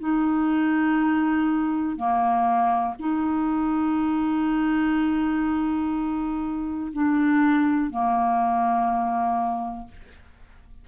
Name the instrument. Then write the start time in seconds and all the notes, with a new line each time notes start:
clarinet
0.00 D#4
1.97 A#3
3.00 D#4
6.93 D4
7.91 A#3